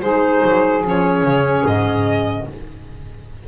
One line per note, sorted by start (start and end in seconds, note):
0.00 0.42 G#3
0.00 0.84 D#4
0.00 2.43 G#4
0.00 0.82 C5
0.43 0.84 F#3
0.84 1.23 F3
0.84 2.46 C#4
0.84 1.66 C#5
1.23 1.63 C#3
1.66 2.47 G#2
1.66 2.47 D#5